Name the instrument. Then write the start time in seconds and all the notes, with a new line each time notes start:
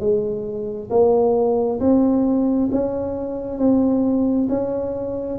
tuba
0.00 G#3
0.90 A#3
1.80 C4
2.72 C#4
3.58 C4
4.49 C#4